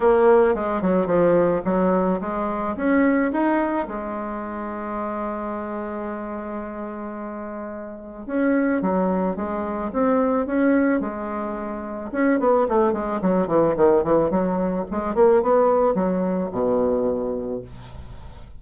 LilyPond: \new Staff \with { instrumentName = "bassoon" } { \time 4/4 \tempo 4 = 109 ais4 gis8 fis8 f4 fis4 | gis4 cis'4 dis'4 gis4~ | gis1~ | gis2. cis'4 |
fis4 gis4 c'4 cis'4 | gis2 cis'8 b8 a8 gis8 | fis8 e8 dis8 e8 fis4 gis8 ais8 | b4 fis4 b,2 | }